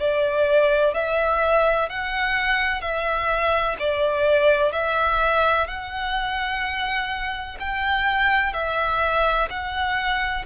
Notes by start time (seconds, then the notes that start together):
0.00 D5
0.94 E5
1.90 F#5
2.82 E5
3.80 D5
4.73 E5
5.68 F#5
7.60 G5
8.54 E5
9.50 F#5